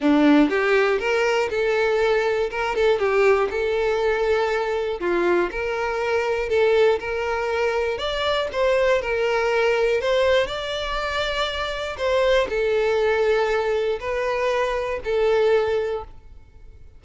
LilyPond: \new Staff \with { instrumentName = "violin" } { \time 4/4 \tempo 4 = 120 d'4 g'4 ais'4 a'4~ | a'4 ais'8 a'8 g'4 a'4~ | a'2 f'4 ais'4~ | ais'4 a'4 ais'2 |
d''4 c''4 ais'2 | c''4 d''2. | c''4 a'2. | b'2 a'2 | }